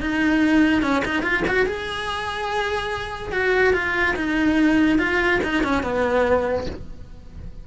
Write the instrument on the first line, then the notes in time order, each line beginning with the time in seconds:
cello
0.00 D#4
0.82 C#4
1.05 D#4
1.22 F4
1.47 F#4
1.66 G#4
3.32 F#4
3.73 F4
4.15 D#4
4.98 F4
5.43 D#4
5.63 C#4
5.82 B3